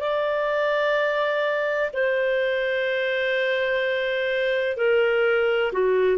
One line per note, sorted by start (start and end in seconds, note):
0.00 1.90 D5
1.93 4.77 C5
4.77 5.72 A#4
5.72 6.18 F#4